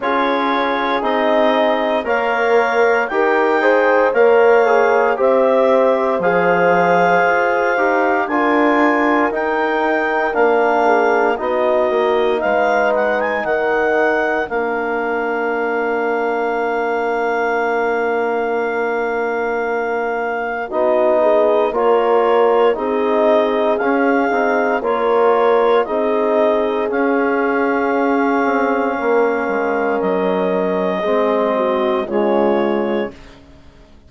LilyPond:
<<
  \new Staff \with { instrumentName = "clarinet" } { \time 4/4 \tempo 4 = 58 cis''4 dis''4 f''4 g''4 | f''4 e''4 f''2 | gis''4 g''4 f''4 dis''4 | f''8 fis''16 gis''16 fis''4 f''2~ |
f''1 | dis''4 cis''4 dis''4 f''4 | cis''4 dis''4 f''2~ | f''4 dis''2 cis''4 | }
  \new Staff \with { instrumentName = "horn" } { \time 4/4 gis'2 cis''4 ais'8 c''8 | cis''4 c''2. | ais'2~ ais'8 gis'8 fis'4 | b'4 ais'2.~ |
ais'1 | fis'8 gis'8 ais'4 gis'2 | ais'4 gis'2. | ais'2 gis'8 fis'8 f'4 | }
  \new Staff \with { instrumentName = "trombone" } { \time 4/4 f'4 dis'4 ais'4 g'8 gis'8 | ais'8 gis'8 g'4 gis'4. g'8 | f'4 dis'4 d'4 dis'4~ | dis'2 d'2~ |
d'1 | dis'4 f'4 dis'4 cis'8 dis'8 | f'4 dis'4 cis'2~ | cis'2 c'4 gis4 | }
  \new Staff \with { instrumentName = "bassoon" } { \time 4/4 cis'4 c'4 ais4 dis'4 | ais4 c'4 f4 f'8 dis'8 | d'4 dis'4 ais4 b8 ais8 | gis4 dis4 ais2~ |
ais1 | b4 ais4 c'4 cis'8 c'8 | ais4 c'4 cis'4. c'8 | ais8 gis8 fis4 gis4 cis4 | }
>>